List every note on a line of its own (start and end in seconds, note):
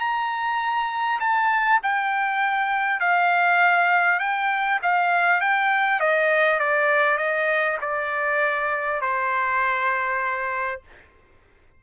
0.00 1.20 A#5
1.21 1.81 A5
1.83 3.00 G5
3.00 4.20 F5
4.20 4.80 G5
4.83 5.41 F5
5.41 6.01 G5
6.01 6.60 D#5
6.60 7.18 D5
7.18 7.78 D#5
7.82 9.02 D5
9.02 10.82 C5